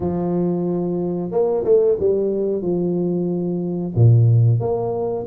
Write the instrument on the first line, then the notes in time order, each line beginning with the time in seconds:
tuba
0.00 F3
1.31 A#3
1.64 A3
1.99 G3
2.62 F3
3.95 A#2
4.60 A#3